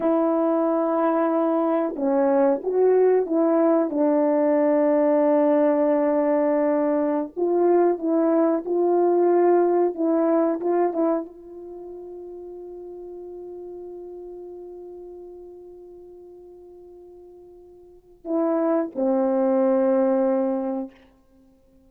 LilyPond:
\new Staff \with { instrumentName = "horn" } { \time 4/4 \tempo 4 = 92 e'2. cis'4 | fis'4 e'4 d'2~ | d'2.~ d'16 f'8.~ | f'16 e'4 f'2 e'8.~ |
e'16 f'8 e'8 f'2~ f'8.~ | f'1~ | f'1 | e'4 c'2. | }